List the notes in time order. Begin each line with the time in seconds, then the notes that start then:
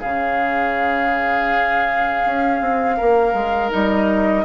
0.00 C#3 C#4 G#4 F5
2.25 C#4
2.61 C4
2.97 A#3 A#4
3.33 G#3
3.70 G3 D#4 D#5